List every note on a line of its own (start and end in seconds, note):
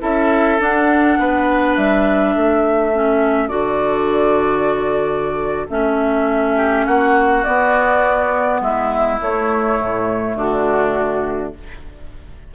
0.00 0.59 C#4
0.00 0.58 E4
0.00 1.18 A4
0.00 0.60 E5
0.59 2.92 D4
0.59 1.18 D4
0.59 1.75 F#5
1.19 1.77 B3
1.19 2.35 B4
1.75 2.35 G3
1.75 3.48 E5
2.35 3.49 A3
2.35 6.55 A4
2.93 3.48 C#4
3.48 5.68 D3
3.48 5.67 F#4
3.48 5.66 D5
5.69 6.87 A3
5.69 7.44 C#4
5.69 6.86 E5
6.55 6.85 G4
6.86 7.45 A#3
6.86 8.61 F#4
6.86 7.44 F#5
7.44 9.20 B3
7.44 8.61 B3
7.44 8.60 D5
8.61 9.19 G#3
8.61 10.36 E4
8.61 9.20 E5
9.21 9.79 A3
9.21 11.54 A3
9.21 10.36 C#5
9.80 10.35 A2
10.35 11.51 D3
10.35 11.53 D4
10.35 11.53 F#4